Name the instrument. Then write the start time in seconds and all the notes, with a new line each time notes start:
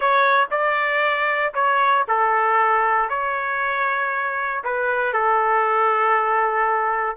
trumpet
0.00 C#5
0.50 D5
1.54 C#5
2.08 A4
3.09 C#5
4.64 B4
5.13 A4